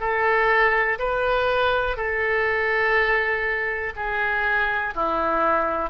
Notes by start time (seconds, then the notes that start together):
0.00 A4
0.99 B4
1.97 A4
3.96 G#4
4.95 E4